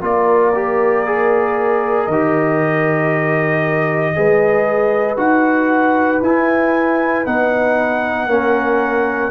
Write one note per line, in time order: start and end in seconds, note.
0.00 2.08 A#3
0.00 0.53 F4
0.00 4.14 A#4
0.00 2.05 D5
0.55 1.06 G4
1.06 2.10 G#4
2.05 4.15 D#3
2.05 5.16 D#5
2.12 4.15 G4
4.15 5.17 G#3
4.15 5.17 G#4
4.15 8.28 B4
5.17 6.21 D#4
5.17 6.20 F#4
5.17 6.22 F#5
6.22 7.25 E4
6.22 7.26 E4
6.22 7.26 G#5
7.26 8.27 B3
7.26 8.29 D#4
7.26 9.31 F#5
8.27 9.30 A#3
8.27 9.31 C#4
8.27 9.31 A#4